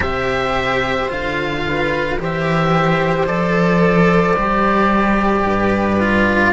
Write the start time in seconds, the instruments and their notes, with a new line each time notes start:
0.00 cello C3 G4, viola C5, oboe E5
1.08 cello D3 F4, oboe F5
1.67 viola B4
2.19 cello E3 G4, viola C5, oboe E5
3.26 cello F3 A4, oboe D5
4.36 cello G3 G4
5.45 cello G2, viola B4
5.99 cello F4